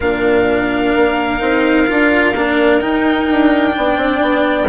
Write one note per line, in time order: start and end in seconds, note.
0.00 0.94 A#2
0.00 1.39 D4
0.00 3.75 A#4
0.00 2.80 F5
0.95 1.40 A#3
1.39 1.87 C4
1.39 1.86 D#4
1.86 2.34 D4
1.86 2.33 F4
2.34 2.80 A#3
2.34 2.80 D4
2.80 3.27 D#4
2.80 3.70 D#4
2.80 4.67 G5
3.30 3.77 D4
3.70 4.64 D4
3.77 3.96 B3
3.77 4.68 D5
3.96 4.20 C4
4.21 4.68 B3